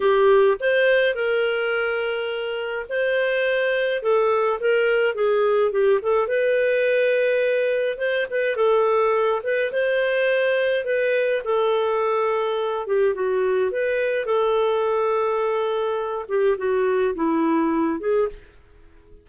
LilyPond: \new Staff \with { instrumentName = "clarinet" } { \time 4/4 \tempo 4 = 105 g'4 c''4 ais'2~ | ais'4 c''2 a'4 | ais'4 gis'4 g'8 a'8 b'4~ | b'2 c''8 b'8 a'4~ |
a'8 b'8 c''2 b'4 | a'2~ a'8 g'8 fis'4 | b'4 a'2.~ | a'8 g'8 fis'4 e'4. gis'8 | }